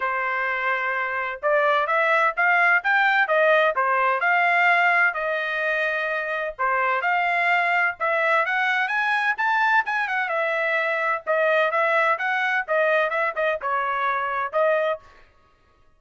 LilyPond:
\new Staff \with { instrumentName = "trumpet" } { \time 4/4 \tempo 4 = 128 c''2. d''4 | e''4 f''4 g''4 dis''4 | c''4 f''2 dis''4~ | dis''2 c''4 f''4~ |
f''4 e''4 fis''4 gis''4 | a''4 gis''8 fis''8 e''2 | dis''4 e''4 fis''4 dis''4 | e''8 dis''8 cis''2 dis''4 | }